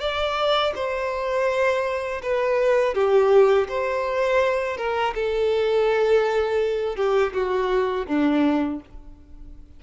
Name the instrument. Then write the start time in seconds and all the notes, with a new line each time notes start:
violin
0.00 D5
0.75 C5
2.22 B4
2.94 G4
3.69 C5
4.77 A#4
5.15 A4
6.96 G4
7.33 F#4
8.07 D4